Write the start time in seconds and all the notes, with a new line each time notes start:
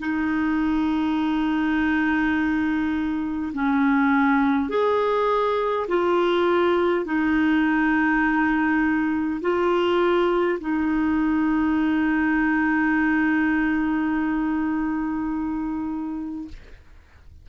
0.00 D#4
3.54 C#4
4.70 G#4
5.89 F4
7.06 D#4
9.42 F4
10.60 D#4